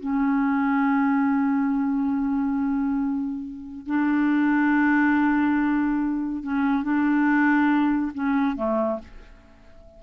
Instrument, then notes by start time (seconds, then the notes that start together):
clarinet
0.00 C#4
3.86 D4
6.42 C#4
6.83 D4
8.14 C#4
8.56 A3